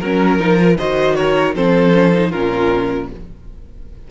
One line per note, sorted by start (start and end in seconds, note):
0.00 0.38 F#3
0.00 0.40 C#4
0.00 0.77 A#4
0.38 0.77 F3
0.38 0.57 D#4
0.57 0.76 F4
0.77 1.55 D#3
0.77 1.55 F#4
0.77 1.16 C5
0.77 1.15 D#5
1.15 1.54 A#4
1.15 1.53 C#5
1.55 2.32 F3
1.55 1.93 C4
1.55 2.29 A4
1.55 2.31 C5
1.93 2.13 C#4
2.13 2.32 D#4
2.29 3.10 A#2
2.29 3.09 C#4
2.29 3.06 F4
2.29 3.08 A#4